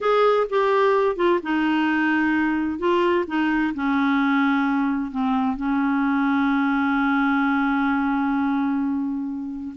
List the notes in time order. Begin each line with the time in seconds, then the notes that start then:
0.00 G#4
0.49 G4
1.16 F4
1.42 D#4
2.78 F4
3.27 D#4
3.74 C#4
5.11 C4
5.56 C#4